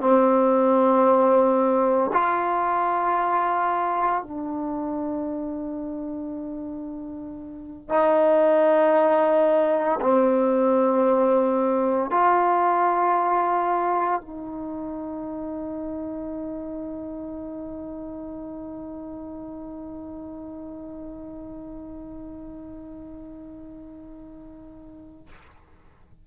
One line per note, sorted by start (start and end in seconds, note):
0.00 2.11 C4
2.13 4.22 F4
4.22 7.89 D4
7.89 10.00 D#4
10.01 12.11 C4
12.11 14.21 F4
14.21 25.26 D#4